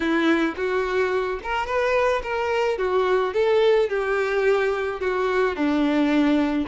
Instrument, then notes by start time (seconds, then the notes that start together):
violin
0.00 E4
0.56 F#4
1.43 A#4
1.66 B4
2.22 A#4
2.78 F#4
3.33 A4
3.89 G4
5.00 F#4
5.56 D4